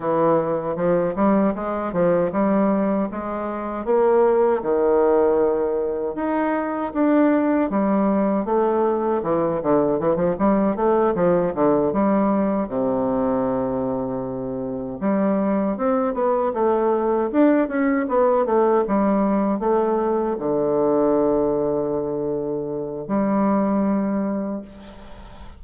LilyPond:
\new Staff \with { instrumentName = "bassoon" } { \time 4/4 \tempo 4 = 78 e4 f8 g8 gis8 f8 g4 | gis4 ais4 dis2 | dis'4 d'4 g4 a4 | e8 d8 e16 f16 g8 a8 f8 d8 g8~ |
g8 c2. g8~ | g8 c'8 b8 a4 d'8 cis'8 b8 | a8 g4 a4 d4.~ | d2 g2 | }